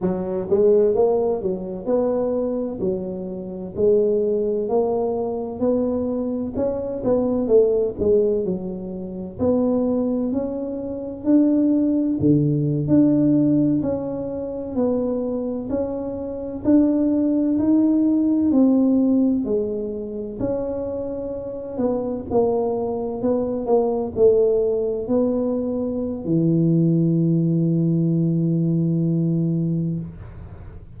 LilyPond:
\new Staff \with { instrumentName = "tuba" } { \time 4/4 \tempo 4 = 64 fis8 gis8 ais8 fis8 b4 fis4 | gis4 ais4 b4 cis'8 b8 | a8 gis8 fis4 b4 cis'4 | d'4 d8. d'4 cis'4 b16~ |
b8. cis'4 d'4 dis'4 c'16~ | c'8. gis4 cis'4. b8 ais16~ | ais8. b8 ais8 a4 b4~ b16 | e1 | }